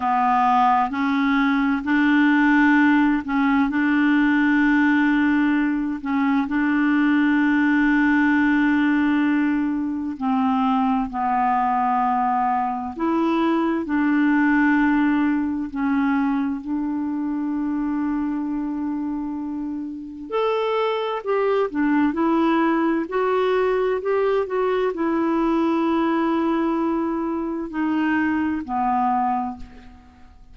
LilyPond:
\new Staff \with { instrumentName = "clarinet" } { \time 4/4 \tempo 4 = 65 b4 cis'4 d'4. cis'8 | d'2~ d'8 cis'8 d'4~ | d'2. c'4 | b2 e'4 d'4~ |
d'4 cis'4 d'2~ | d'2 a'4 g'8 d'8 | e'4 fis'4 g'8 fis'8 e'4~ | e'2 dis'4 b4 | }